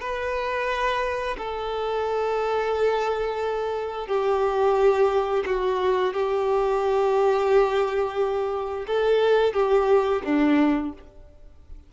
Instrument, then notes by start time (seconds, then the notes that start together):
violin
0.00 B4
1.38 A4
4.07 G4
5.45 F#4
6.13 G4
8.87 A4
9.53 G4
10.25 D4